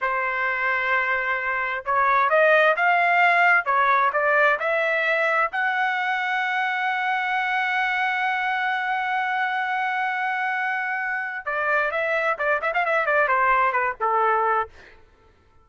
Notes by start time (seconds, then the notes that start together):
0.01 C5
1.85 C#5
2.29 D#5
2.76 F5
3.65 C#5
4.12 D5
4.59 E5
5.52 F#5
11.45 D5
11.91 E5
12.38 D5
12.61 E5
12.73 F5
12.85 E5
13.06 D5
13.27 C5
13.72 B4
14.00 A4